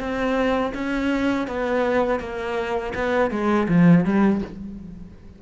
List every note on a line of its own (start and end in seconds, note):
0.00 0.73 C4
0.75 1.48 C#4
1.48 2.20 B3
2.20 2.93 A#3
2.95 3.31 B3
3.31 3.68 G#3
3.68 4.05 F3
4.05 4.41 G3